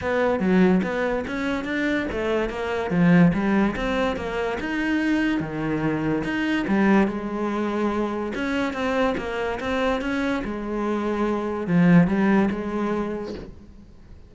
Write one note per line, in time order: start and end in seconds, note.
0.01 0.39 B3
0.39 0.81 F#3
0.83 1.24 B3
1.27 1.64 C#4
1.64 2.06 D4
2.11 2.49 A3
2.49 2.90 A#3
2.90 3.32 F3
3.33 3.75 G3
3.76 4.16 C4
4.16 4.58 A#3
4.60 5.40 D#4
5.40 6.23 D#3
6.23 6.65 D#4
6.67 7.07 G3
7.07 8.32 G#3
8.34 8.73 C#4
8.73 9.15 C4
9.17 9.59 A#3
9.59 10.01 C4
10.01 10.42 C#4
10.44 11.67 G#3
11.67 12.07 F3
12.07 12.49 G3
12.51 13.34 G#3